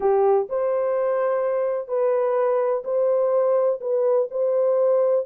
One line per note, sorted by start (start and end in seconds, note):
0.00 0.48 G4
0.49 1.87 C5
1.87 2.83 B4
2.84 3.79 C5
3.80 4.28 B4
4.30 5.26 C5